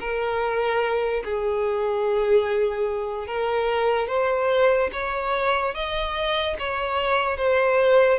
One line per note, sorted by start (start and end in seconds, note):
0.00 1.23 A#4
1.24 3.27 G#4
3.27 4.08 A#4
4.08 4.90 C5
4.92 5.75 C#5
5.75 6.57 D#5
6.59 7.37 C#5
7.37 8.19 C5